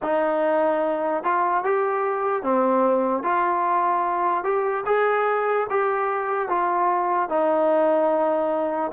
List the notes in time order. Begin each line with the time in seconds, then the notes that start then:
0.02 D#4
1.23 F4
1.64 G4
2.43 C4
3.23 F4
4.44 G4
4.86 G#4
5.70 G4
6.48 F4
7.29 D#4